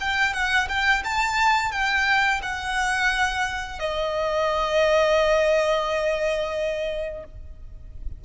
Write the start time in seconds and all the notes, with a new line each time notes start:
0.00 G5
0.33 F#5
0.69 G5
1.04 A5
1.72 G5
2.42 F#5
3.79 D#5